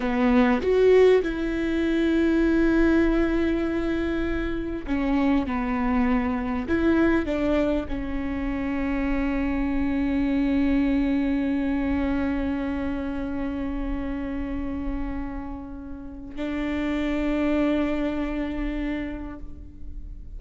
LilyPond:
\new Staff \with { instrumentName = "viola" } { \time 4/4 \tempo 4 = 99 b4 fis'4 e'2~ | e'1 | cis'4 b2 e'4 | d'4 cis'2.~ |
cis'1~ | cis'1~ | cis'2. d'4~ | d'1 | }